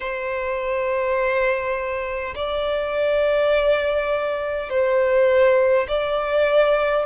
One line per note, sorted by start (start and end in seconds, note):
0.00 2.34 C5
2.35 4.69 D5
4.69 5.87 C5
5.88 7.05 D5